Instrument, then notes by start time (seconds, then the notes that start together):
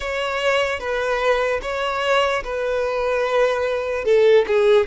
violin
0.00 C#5
0.79 B4
1.62 C#5
2.44 B4
4.04 A4
4.47 G#4